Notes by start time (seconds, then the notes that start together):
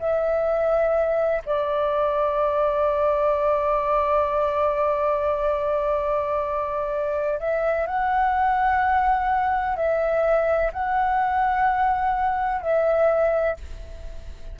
0.00 E5
1.46 D5
7.40 E5
7.87 F#5
9.76 E5
10.73 F#5
12.61 E5